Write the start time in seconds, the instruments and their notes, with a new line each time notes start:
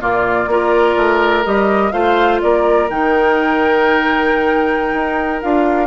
0.00 bassoon A#2, clarinet A#3, oboe F4, flute D5
0.47 bassoon A#3, clarinet F4, oboe A#4
0.96 bassoon A3
1.44 bassoon G3, clarinet G4, flute D#5
1.92 bassoon A3, clarinet F4, oboe C5, flute F5
2.41 bassoon A#3, oboe A#4, flute D5
2.89 bassoon D#3, clarinet D#4, flute G5
4.93 bassoon D#4
5.42 bassoon D4, clarinet F4, flute F5